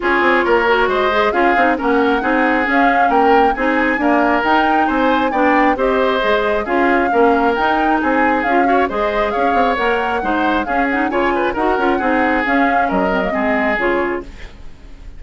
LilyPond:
<<
  \new Staff \with { instrumentName = "flute" } { \time 4/4 \tempo 4 = 135 cis''2 dis''4 f''4 | fis''2 f''4 g''4 | gis''2 g''4 gis''4 | g''4 dis''2 f''4~ |
f''4 g''4 gis''4 f''4 | dis''4 f''4 fis''2 | f''8 fis''8 gis''4 fis''2 | f''4 dis''2 cis''4 | }
  \new Staff \with { instrumentName = "oboe" } { \time 4/4 gis'4 ais'4 c''4 gis'4 | ais'4 gis'2 ais'4 | gis'4 ais'2 c''4 | d''4 c''2 gis'4 |
ais'2 gis'4. cis''8 | c''4 cis''2 c''4 | gis'4 cis''8 b'8 ais'4 gis'4~ | gis'4 ais'4 gis'2 | }
  \new Staff \with { instrumentName = "clarinet" } { \time 4/4 f'4. fis'4 gis'8 f'8 dis'8 | cis'4 dis'4 cis'2 | dis'4 ais4 dis'2 | d'4 g'4 gis'4 f'4 |
cis'4 dis'2 f'8 fis'8 | gis'2 ais'4 dis'4 | cis'8 dis'8 f'4 fis'8 f'8 dis'4 | cis'4. c'16 ais16 c'4 f'4 | }
  \new Staff \with { instrumentName = "bassoon" } { \time 4/4 cis'8 c'8 ais4 gis4 cis'8 c'8 | ais4 c'4 cis'4 ais4 | c'4 d'4 dis'4 c'4 | b4 c'4 gis4 cis'4 |
ais4 dis'4 c'4 cis'4 | gis4 cis'8 c'8 ais4 gis4 | cis'4 cis4 dis'8 cis'8 c'4 | cis'4 fis4 gis4 cis4 | }
>>